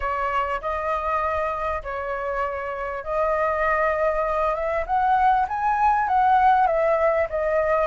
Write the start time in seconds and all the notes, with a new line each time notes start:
0.00 C#5
0.61 D#5
1.83 C#5
3.03 D#5
4.54 E5
4.86 F#5
5.48 G#5
6.08 F#5
6.67 E5
7.29 D#5